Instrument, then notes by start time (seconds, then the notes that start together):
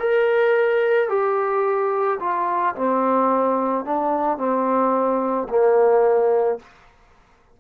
trombone
0.00 A#4
1.09 G4
2.20 F4
2.75 C4
3.85 D4
4.38 C4
5.49 A#3